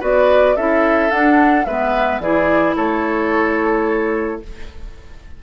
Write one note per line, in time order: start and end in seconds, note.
0.00 0.56 B3
0.00 0.56 F#4
0.00 0.55 B4
0.00 0.56 D5
0.56 1.11 C#4
0.56 1.10 E4
0.56 1.66 A4
0.56 1.11 E5
1.10 1.65 D4
1.10 1.66 D4
1.10 1.65 F#5
1.65 2.19 G#3
1.65 2.22 B3
1.65 2.21 B4
1.65 2.20 E5
2.19 2.74 E3
2.19 4.43 E4
2.19 2.76 G#4
2.19 2.75 D5
2.76 4.42 A3
2.76 4.41 A4
2.76 4.42 C#5